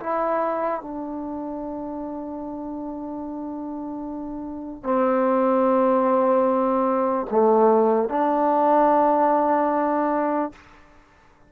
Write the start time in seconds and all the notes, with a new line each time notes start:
0.00 E4
0.81 D4
4.84 C4
7.31 A3
8.09 D4